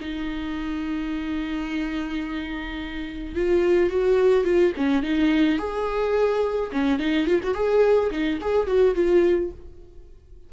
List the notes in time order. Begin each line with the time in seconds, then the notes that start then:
0.00 D#4
3.35 F4
3.90 F#4
4.44 F4
4.76 C#4
5.03 D#4
5.58 G#4
6.72 C#4
6.99 D#4
7.26 F4
7.43 F#4
7.54 G#4
8.11 D#4
8.41 G#4
8.66 F#4
8.94 F4